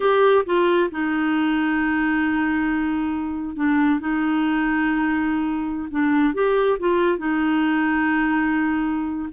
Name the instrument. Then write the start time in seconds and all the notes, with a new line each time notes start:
clarinet
0.00 G4
0.45 F4
0.91 D#4
3.56 D4
4.00 D#4
5.90 D4
6.33 G4
6.79 F4
7.18 D#4